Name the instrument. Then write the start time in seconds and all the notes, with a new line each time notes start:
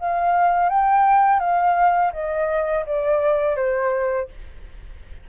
flute
0.00 F5
0.70 G5
1.40 F5
2.13 D#5
2.87 D5
3.57 C5